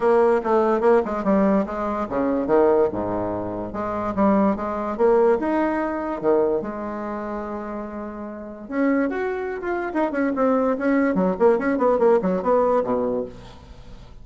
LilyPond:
\new Staff \with { instrumentName = "bassoon" } { \time 4/4 \tempo 4 = 145 ais4 a4 ais8 gis8 g4 | gis4 cis4 dis4 gis,4~ | gis,4 gis4 g4 gis4 | ais4 dis'2 dis4 |
gis1~ | gis4 cis'4 fis'4~ fis'16 f'8. | dis'8 cis'8 c'4 cis'4 fis8 ais8 | cis'8 b8 ais8 fis8 b4 b,4 | }